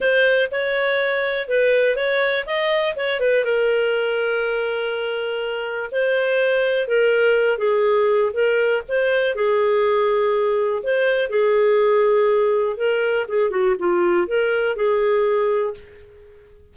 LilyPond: \new Staff \with { instrumentName = "clarinet" } { \time 4/4 \tempo 4 = 122 c''4 cis''2 b'4 | cis''4 dis''4 cis''8 b'8 ais'4~ | ais'1 | c''2 ais'4. gis'8~ |
gis'4 ais'4 c''4 gis'4~ | gis'2 c''4 gis'4~ | gis'2 ais'4 gis'8 fis'8 | f'4 ais'4 gis'2 | }